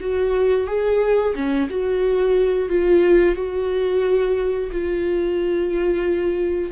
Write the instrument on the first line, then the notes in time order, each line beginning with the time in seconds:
viola
0.00 F#4
0.67 G#4
1.34 C#4
1.70 F#4
2.69 F4
3.35 F#4
4.72 F4